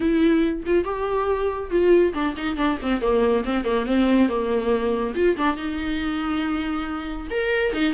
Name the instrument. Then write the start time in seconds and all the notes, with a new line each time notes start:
viola
0.00 E4
0.66 F4
0.84 G4
1.70 F4
2.14 D4
2.36 D#4
2.56 D4
2.81 C4
3.01 A#3
3.44 C4
3.64 A#3
3.86 C4
4.28 A#3
5.14 F4
5.36 D4
5.56 D#4
7.30 A#4
7.73 D#4